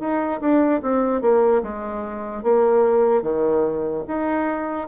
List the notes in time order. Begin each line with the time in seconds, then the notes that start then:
0.00 D#4
0.41 D4
0.83 C4
1.22 A#3
1.63 G#3
2.43 A#3
3.22 D#3
4.08 D#4